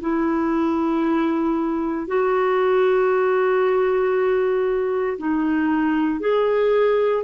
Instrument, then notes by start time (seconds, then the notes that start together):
clarinet
0.00 E4
2.07 F#4
5.18 D#4
6.20 G#4